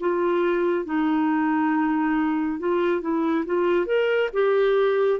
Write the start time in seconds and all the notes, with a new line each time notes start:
0.00 F4
0.85 D#4
2.59 F4
3.01 E4
3.45 F4
3.86 A#4
4.33 G4